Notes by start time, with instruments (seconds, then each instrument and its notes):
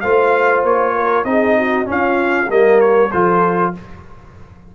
0.00 tuba A3, trombone F4, horn C5, trumpet F5
0.63 tuba A#3, trumpet C#5
0.95 horn A#4
1.24 tuba C4, trombone D#4, horn G#4, trumpet D#5
1.57 horn F#4
1.85 trombone C#4, tuba C#4, horn F4, trumpet F5
2.48 tuba G3, trombone A#3, horn A#4, trumpet D#5
2.80 trumpet C#5
3.11 tuba F3, trombone F4, horn A4, trumpet C5